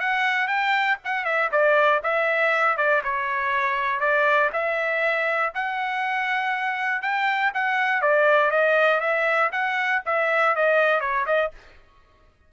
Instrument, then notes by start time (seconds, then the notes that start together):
trumpet
0.00 F#5
0.48 G5
1.04 F#5
1.25 E5
1.52 D5
2.03 E5
2.77 D5
3.04 C#5
4.00 D5
4.53 E5
5.55 F#5
7.02 G5
7.54 F#5
8.02 D5
8.51 D#5
9.00 E5
9.52 F#5
10.06 E5
10.56 D#5
11.00 C#5
11.26 D#5